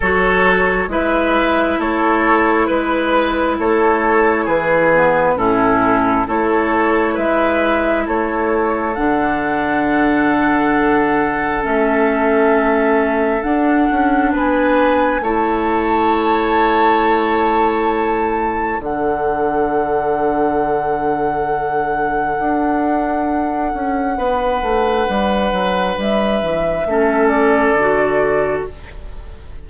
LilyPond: <<
  \new Staff \with { instrumentName = "flute" } { \time 4/4 \tempo 4 = 67 cis''4 e''4 cis''4 b'4 | cis''4 b'4 a'4 cis''4 | e''4 cis''4 fis''2~ | fis''4 e''2 fis''4 |
gis''4 a''2.~ | a''4 fis''2.~ | fis''1~ | fis''4 e''4. d''4. | }
  \new Staff \with { instrumentName = "oboe" } { \time 4/4 a'4 b'4 a'4 b'4 | a'4 gis'4 e'4 a'4 | b'4 a'2.~ | a'1 |
b'4 cis''2.~ | cis''4 a'2.~ | a'2. b'4~ | b'2 a'2 | }
  \new Staff \with { instrumentName = "clarinet" } { \time 4/4 fis'4 e'2.~ | e'4. b8 cis'4 e'4~ | e'2 d'2~ | d'4 cis'2 d'4~ |
d'4 e'2.~ | e'4 d'2.~ | d'1~ | d'2 cis'4 fis'4 | }
  \new Staff \with { instrumentName = "bassoon" } { \time 4/4 fis4 gis4 a4 gis4 | a4 e4 a,4 a4 | gis4 a4 d2~ | d4 a2 d'8 cis'8 |
b4 a2.~ | a4 d2.~ | d4 d'4. cis'8 b8 a8 | g8 fis8 g8 e8 a4 d4 | }
>>